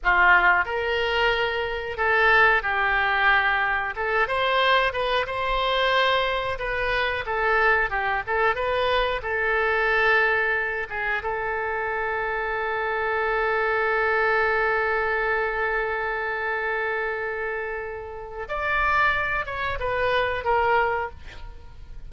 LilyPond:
\new Staff \with { instrumentName = "oboe" } { \time 4/4 \tempo 4 = 91 f'4 ais'2 a'4 | g'2 a'8 c''4 b'8 | c''2 b'4 a'4 | g'8 a'8 b'4 a'2~ |
a'8 gis'8 a'2.~ | a'1~ | a'1 | d''4. cis''8 b'4 ais'4 | }